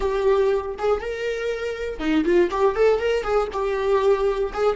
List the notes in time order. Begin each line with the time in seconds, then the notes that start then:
0.00 G4
0.78 G#4
1.00 A#4
1.99 D#4
2.25 F4
2.50 G4
2.75 A4
2.99 A#4
3.22 G#4
3.52 G4
4.53 G#4